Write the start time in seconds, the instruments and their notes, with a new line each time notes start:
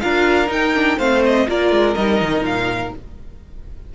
0.00 cello D4, viola F4, violin A#4 F5
0.46 viola D#4, cello D#4, violin G5
0.74 viola D4
0.98 cello A3, viola C4, violin C5 F5
1.25 violin D#5
1.47 cello A#3, viola F4, violin A#4 D5
1.71 cello G#3
1.94 cello G3, viola D#4, violin D#5
2.21 cello D#3
2.42 cello A#2, violin F5